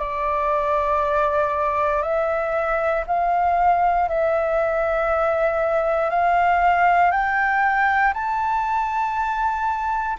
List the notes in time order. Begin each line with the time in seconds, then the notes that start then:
0.00 D5
2.03 E5
3.07 F5
4.09 E5
6.11 F5
7.12 G5
8.14 A5